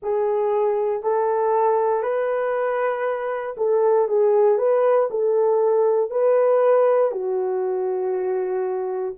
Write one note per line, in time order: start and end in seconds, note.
0.02 1.03 G#4
1.03 2.02 A4
2.02 3.55 B4
3.57 4.08 A4
4.08 4.58 G#4
4.58 5.08 B4
5.10 6.10 A4
6.10 7.11 B4
7.11 9.14 F#4